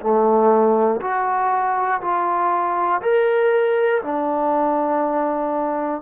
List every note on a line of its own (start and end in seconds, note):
0.00 1.00 A3
1.00 2.00 F#4
2.00 3.00 F4
3.01 4.01 A#4
4.02 6.01 D4